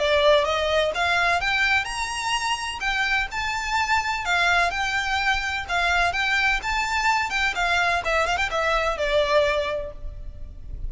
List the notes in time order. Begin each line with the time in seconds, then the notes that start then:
0.00 D5
0.45 D#5
0.95 F5
1.41 G5
1.85 A#5
2.81 G5
3.32 A5
4.26 F5
4.71 G5
5.69 F5
6.13 G5
6.63 A5
7.31 G5
7.55 F5
8.05 E5
8.27 F5
8.38 G5
8.51 E5
8.98 D5